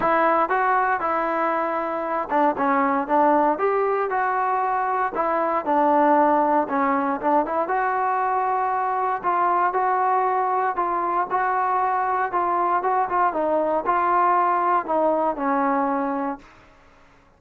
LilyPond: \new Staff \with { instrumentName = "trombone" } { \time 4/4 \tempo 4 = 117 e'4 fis'4 e'2~ | e'8 d'8 cis'4 d'4 g'4 | fis'2 e'4 d'4~ | d'4 cis'4 d'8 e'8 fis'4~ |
fis'2 f'4 fis'4~ | fis'4 f'4 fis'2 | f'4 fis'8 f'8 dis'4 f'4~ | f'4 dis'4 cis'2 | }